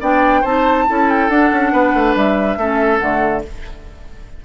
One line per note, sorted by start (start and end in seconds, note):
0.00 0.43 B3
0.00 0.44 D4
0.00 0.41 D5
0.00 0.44 G5
0.41 0.87 C4
0.41 0.87 D#4
0.41 0.84 C5
0.41 1.09 A5
0.87 1.28 C#4
0.87 1.30 E4
0.87 1.72 A4
1.09 1.29 G5
1.28 1.50 D4
1.28 2.58 D4
1.28 2.15 F#5
1.52 1.72 C#4
1.72 1.93 B3
1.72 2.58 B4
1.94 2.15 A3
2.15 2.56 G3
2.15 2.99 E5
2.56 2.99 A3
2.56 3.00 C#4
2.56 3.44 A4
2.99 3.44 D3
2.99 3.43 A3
2.99 3.41 F#5